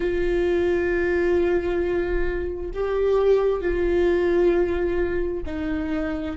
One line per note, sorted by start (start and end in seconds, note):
0.00 2.70 F4
2.74 3.61 G4
3.61 5.43 F4
5.45 6.36 D#4